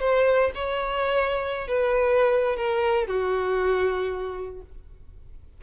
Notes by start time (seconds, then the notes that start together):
0.00 C5
0.55 C#5
1.68 B4
2.56 A#4
3.07 F#4